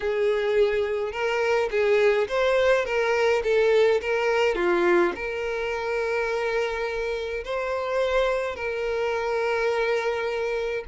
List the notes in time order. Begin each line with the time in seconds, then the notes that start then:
0.00 G#4
1.11 A#4
1.70 G#4
2.28 C5
2.85 A#4
3.43 A4
4.01 A#4
4.55 F4
5.15 A#4
7.44 C5
8.55 A#4